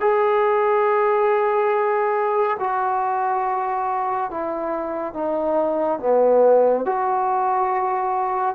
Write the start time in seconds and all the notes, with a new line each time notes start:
0.00 G#4
2.59 F#4
4.31 E4
5.14 D#4
6.00 B3
6.85 F#4